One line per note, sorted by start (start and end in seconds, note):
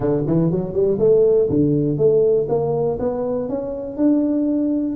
0.00 0.23 D3
0.26 0.51 E3
0.51 0.73 F#3
0.73 0.98 G3
0.99 1.49 A3
1.49 1.97 D3
1.97 2.47 A3
2.48 2.98 A#3
2.99 3.48 B3
3.48 3.96 C#4
3.96 4.96 D4